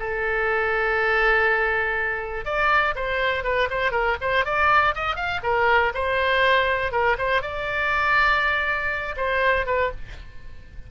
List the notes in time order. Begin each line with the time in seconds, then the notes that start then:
0.00 A4
2.45 D5
2.96 C5
3.44 B4
3.71 C5
3.92 A#4
4.21 C5
4.45 D5
4.95 D#5
5.16 F5
5.44 A#4
5.95 C5
6.92 A#4
7.19 C5
7.42 D5
9.17 C5
9.67 B4